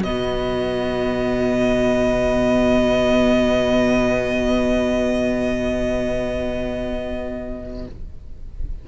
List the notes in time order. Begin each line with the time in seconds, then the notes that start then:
0.00 B2 B3 F#4 D#5